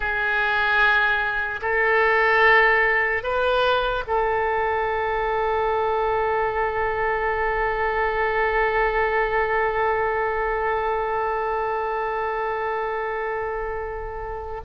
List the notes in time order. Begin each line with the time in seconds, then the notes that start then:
0.00 G#4
1.61 A4
3.22 B4
4.07 A4